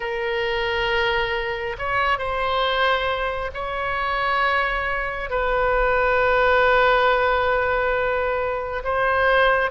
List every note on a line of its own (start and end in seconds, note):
0.00 1.76 A#4
1.78 2.18 C#5
2.18 3.50 C5
3.54 5.30 C#5
5.30 8.83 B4
8.84 9.70 C5